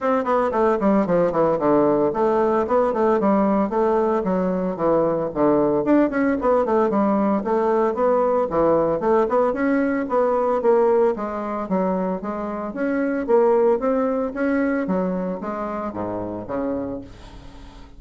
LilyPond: \new Staff \with { instrumentName = "bassoon" } { \time 4/4 \tempo 4 = 113 c'8 b8 a8 g8 f8 e8 d4 | a4 b8 a8 g4 a4 | fis4 e4 d4 d'8 cis'8 | b8 a8 g4 a4 b4 |
e4 a8 b8 cis'4 b4 | ais4 gis4 fis4 gis4 | cis'4 ais4 c'4 cis'4 | fis4 gis4 gis,4 cis4 | }